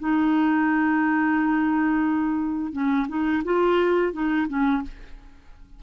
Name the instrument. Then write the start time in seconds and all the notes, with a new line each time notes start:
clarinet
0.00 D#4
2.73 C#4
3.08 D#4
3.45 F4
4.13 D#4
4.48 C#4